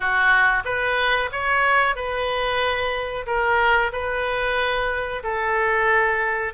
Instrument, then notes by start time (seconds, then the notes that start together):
oboe
0.00 F#4
0.65 B4
1.32 C#5
1.95 B4
3.26 A#4
3.92 B4
5.23 A4